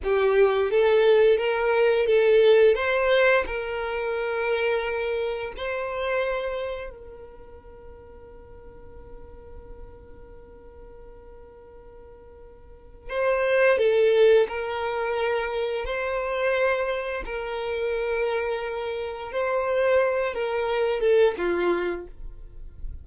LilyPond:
\new Staff \with { instrumentName = "violin" } { \time 4/4 \tempo 4 = 87 g'4 a'4 ais'4 a'4 | c''4 ais'2. | c''2 ais'2~ | ais'1~ |
ais'2. c''4 | a'4 ais'2 c''4~ | c''4 ais'2. | c''4. ais'4 a'8 f'4 | }